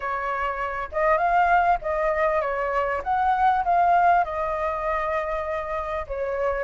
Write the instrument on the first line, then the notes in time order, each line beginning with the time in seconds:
flute
0.00 C#5
0.91 D#5
1.17 F5
1.81 D#5
2.41 C#5
3.03 F#5
3.64 F5
4.24 D#5
6.07 C#5